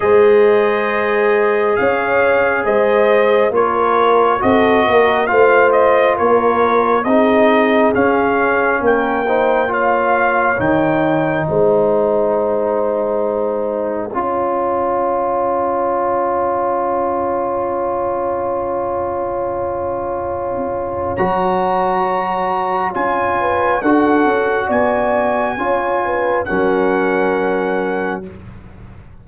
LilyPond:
<<
  \new Staff \with { instrumentName = "trumpet" } { \time 4/4 \tempo 4 = 68 dis''2 f''4 dis''4 | cis''4 dis''4 f''8 dis''8 cis''4 | dis''4 f''4 g''4 f''4 | g''4 gis''2.~ |
gis''1~ | gis''1 | ais''2 gis''4 fis''4 | gis''2 fis''2 | }
  \new Staff \with { instrumentName = "horn" } { \time 4/4 c''2 cis''4 c''4 | ais'4 a'8 ais'8 c''4 ais'4 | gis'2 ais'8 c''8 cis''4~ | cis''4 c''2. |
cis''1~ | cis''1~ | cis''2~ cis''8 b'8 a'4 | d''4 cis''8 b'8 ais'2 | }
  \new Staff \with { instrumentName = "trombone" } { \time 4/4 gis'1 | f'4 fis'4 f'2 | dis'4 cis'4. dis'8 f'4 | dis'1 |
f'1~ | f'1 | fis'2 f'4 fis'4~ | fis'4 f'4 cis'2 | }
  \new Staff \with { instrumentName = "tuba" } { \time 4/4 gis2 cis'4 gis4 | ais4 c'8 ais8 a4 ais4 | c'4 cis'4 ais2 | dis4 gis2. |
cis'1~ | cis'1 | fis2 cis'4 d'8 cis'8 | b4 cis'4 fis2 | }
>>